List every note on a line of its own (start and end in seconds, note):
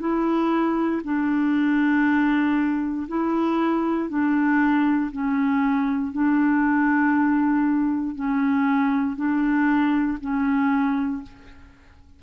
0.00 1.02 E4
1.04 3.07 D4
3.08 4.10 E4
4.10 5.11 D4
5.12 6.12 C#4
6.12 8.16 D4
8.16 9.17 C#4
9.17 10.18 D4
10.21 11.23 C#4